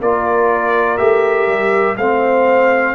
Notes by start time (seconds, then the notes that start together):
0.00 A#3 F4 A#4 D5
0.97 A3 G4 E5
1.47 G3
1.96 A3 C4 C5 F5